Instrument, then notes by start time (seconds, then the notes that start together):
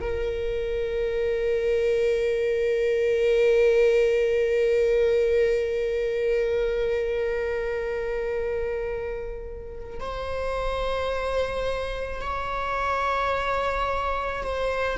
viola
0.00 A#4
9.99 C5
12.21 C#5
14.43 C5